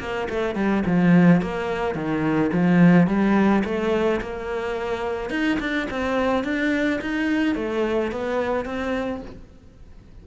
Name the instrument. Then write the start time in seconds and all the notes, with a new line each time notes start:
cello
0.00 A#3
0.30 A3
0.56 G3
0.86 F3
1.42 A#3
1.95 D#3
2.53 F3
3.07 G3
3.65 A3
4.21 A#3
5.30 D#4
5.60 D4
5.91 C4
6.44 D4
7.01 D#4
7.55 A3
8.12 B3
8.66 C4